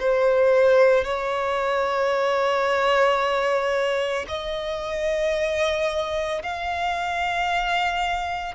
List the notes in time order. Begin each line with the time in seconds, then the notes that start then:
0.00 C5
1.05 C#5
4.29 D#5
6.43 F5